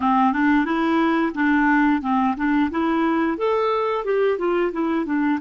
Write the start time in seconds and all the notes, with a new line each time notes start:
0.00 C4
0.32 D4
0.65 E4
1.34 D4
2.01 C4
2.36 D4
2.70 E4
3.37 A4
4.04 G4
4.38 F4
4.72 E4
5.05 D4